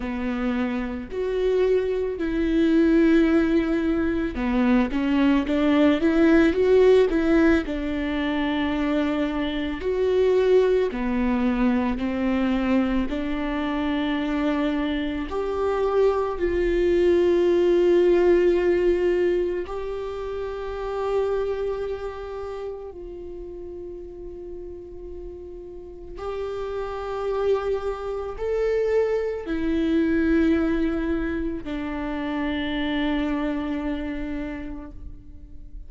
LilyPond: \new Staff \with { instrumentName = "viola" } { \time 4/4 \tempo 4 = 55 b4 fis'4 e'2 | b8 cis'8 d'8 e'8 fis'8 e'8 d'4~ | d'4 fis'4 b4 c'4 | d'2 g'4 f'4~ |
f'2 g'2~ | g'4 f'2. | g'2 a'4 e'4~ | e'4 d'2. | }